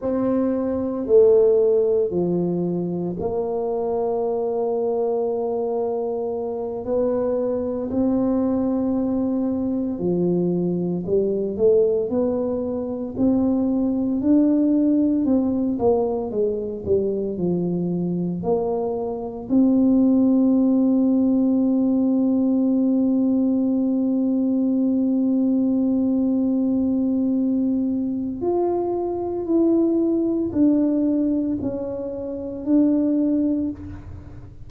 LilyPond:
\new Staff \with { instrumentName = "tuba" } { \time 4/4 \tempo 4 = 57 c'4 a4 f4 ais4~ | ais2~ ais8 b4 c'8~ | c'4. f4 g8 a8 b8~ | b8 c'4 d'4 c'8 ais8 gis8 |
g8 f4 ais4 c'4.~ | c'1~ | c'2. f'4 | e'4 d'4 cis'4 d'4 | }